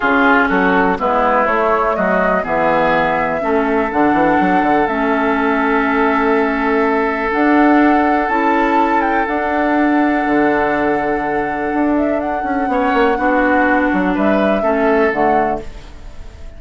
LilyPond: <<
  \new Staff \with { instrumentName = "flute" } { \time 4/4 \tempo 4 = 123 gis'4 a'4 b'4 cis''4 | dis''4 e''2. | fis''2 e''2~ | e''2. fis''4~ |
fis''4 a''4. g''8 fis''4~ | fis''1~ | fis''8 e''8 fis''2.~ | fis''4 e''2 fis''4 | }
  \new Staff \with { instrumentName = "oboe" } { \time 4/4 f'4 fis'4 e'2 | fis'4 gis'2 a'4~ | a'1~ | a'1~ |
a'1~ | a'1~ | a'2 cis''4 fis'4~ | fis'4 b'4 a'2 | }
  \new Staff \with { instrumentName = "clarinet" } { \time 4/4 cis'2 b4 a4~ | a4 b2 cis'4 | d'2 cis'2~ | cis'2. d'4~ |
d'4 e'2 d'4~ | d'1~ | d'2 cis'4 d'4~ | d'2 cis'4 a4 | }
  \new Staff \with { instrumentName = "bassoon" } { \time 4/4 cis4 fis4 gis4 a4 | fis4 e2 a4 | d8 e8 fis8 d8 a2~ | a2. d'4~ |
d'4 cis'2 d'4~ | d'4 d2. | d'4. cis'8 b8 ais8 b4~ | b8 fis8 g4 a4 d4 | }
>>